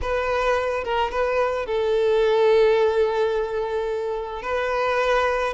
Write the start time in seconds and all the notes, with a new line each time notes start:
0.01 B4
0.84 A#4
1.11 B4
1.66 A4
4.42 B4